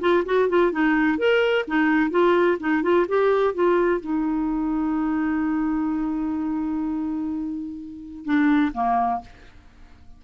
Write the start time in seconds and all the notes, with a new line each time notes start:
0.00 F4
0.25 F#4
0.49 F4
0.72 D#4
1.18 A#4
1.68 D#4
2.10 F4
2.60 D#4
2.82 F4
3.08 G4
3.54 F4
4.00 D#4
8.25 D4
8.74 A#3